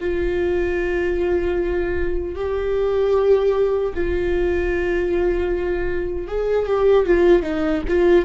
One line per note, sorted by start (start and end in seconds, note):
0.00 2.35 F4
2.35 3.93 G4
3.94 6.28 F4
6.28 6.67 G#4
6.67 7.06 G4
7.06 7.42 F4
7.42 7.82 D#4
7.88 8.25 F4